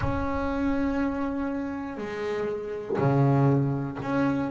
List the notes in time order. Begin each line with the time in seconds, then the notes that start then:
0.00 C#4
1.97 G#3
2.98 C#3
4.02 C#4